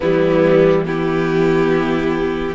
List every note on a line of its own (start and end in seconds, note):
0.00 2.55 E3
0.00 0.85 G3
0.00 0.84 B3
0.00 0.85 E4
0.85 2.55 B3
0.85 2.55 E4
0.85 2.55 G4